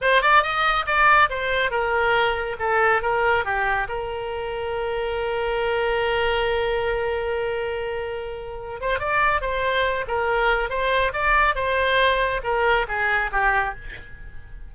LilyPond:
\new Staff \with { instrumentName = "oboe" } { \time 4/4 \tempo 4 = 140 c''8 d''8 dis''4 d''4 c''4 | ais'2 a'4 ais'4 | g'4 ais'2.~ | ais'1~ |
ais'1~ | ais'8 c''8 d''4 c''4. ais'8~ | ais'4 c''4 d''4 c''4~ | c''4 ais'4 gis'4 g'4 | }